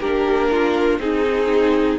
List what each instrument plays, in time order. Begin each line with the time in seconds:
0.00 cello A#3, viola D4, violin G4 A#4
0.51 violin F4
0.98 cello C4, viola D#4, violin D#4 G#4